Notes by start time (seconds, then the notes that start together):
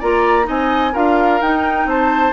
0.00 A#3 F4 D5 A#5
0.44 C4 D#4 D#5 G#5
0.93 D4 F4 A#4 F5
1.42 D#4 G5
1.86 C4 C5 A5